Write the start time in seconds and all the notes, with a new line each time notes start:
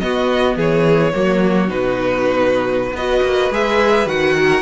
0.00 B3 F#4 D#5
0.57 E3 G#4 C#5
1.14 F#3 A#3 F#4
1.69 B2 D#4 B4
2.93 B3 F#4 B4 D#5
3.23 A#3
3.50 G#3 G#4 E5
4.07 D#3 F#4 F#5
4.36 A#4